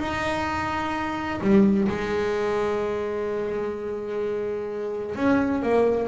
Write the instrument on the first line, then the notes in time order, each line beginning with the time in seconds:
double bass
0.00 D#4
1.42 G3
1.89 G#3
5.16 C#4
5.63 A#3